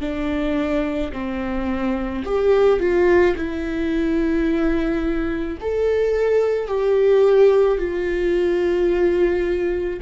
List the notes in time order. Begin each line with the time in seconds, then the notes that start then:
0.00 D4
1.12 C4
2.24 G4
2.79 F4
3.35 E4
5.60 A4
6.67 G4
7.77 F4